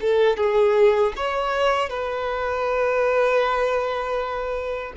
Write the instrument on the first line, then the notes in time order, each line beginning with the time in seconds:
violin
0.00 A4
0.37 G#4
1.16 C#5
1.89 B4